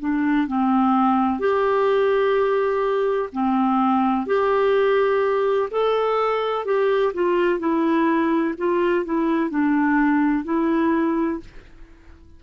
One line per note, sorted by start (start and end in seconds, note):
0.00 0.48 D4
0.48 1.39 C4
1.39 3.30 G4
3.33 4.27 C4
4.27 5.70 G4
5.71 6.66 A4
6.66 7.13 G4
7.14 7.59 F4
7.59 8.55 E4
8.58 9.05 F4
9.05 9.50 E4
9.50 10.45 D4
10.45 11.40 E4